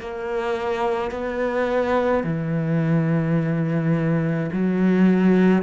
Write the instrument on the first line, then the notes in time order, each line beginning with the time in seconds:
cello
0.00 A#3
1.11 B3
2.23 E3
4.52 F#3